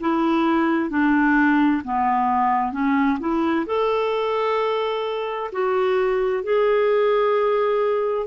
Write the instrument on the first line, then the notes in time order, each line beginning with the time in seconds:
clarinet
0.00 E4
0.90 D4
1.85 B3
2.72 C#4
3.20 E4
3.66 A4
5.52 F#4
6.44 G#4